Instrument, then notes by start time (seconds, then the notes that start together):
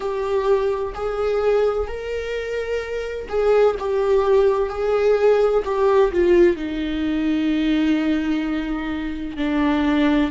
viola
0.00 G4
0.94 G#4
1.87 A#4
3.29 G#4
3.79 G4
4.69 G#4
5.64 G4
6.12 F4
6.56 D#4
9.37 D4